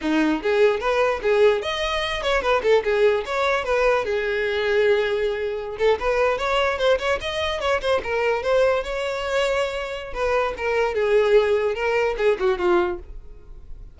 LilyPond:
\new Staff \with { instrumentName = "violin" } { \time 4/4 \tempo 4 = 148 dis'4 gis'4 b'4 gis'4 | dis''4. cis''8 b'8 a'8 gis'4 | cis''4 b'4 gis'2~ | gis'2~ gis'16 a'8 b'4 cis''16~ |
cis''8. c''8 cis''8 dis''4 cis''8 c''8 ais'16~ | ais'8. c''4 cis''2~ cis''16~ | cis''4 b'4 ais'4 gis'4~ | gis'4 ais'4 gis'8 fis'8 f'4 | }